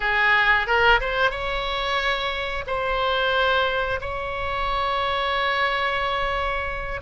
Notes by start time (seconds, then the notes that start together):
0.00 G#4
0.66 A#4
1.00 C5
1.31 C#5
2.66 C5
4.00 C#5